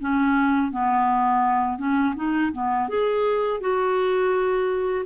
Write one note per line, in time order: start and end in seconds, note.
0.00 0.71 C#4
0.71 1.78 B3
1.78 2.14 C#4
2.16 2.52 D#4
2.52 2.88 B3
2.88 3.60 G#4
3.60 5.05 F#4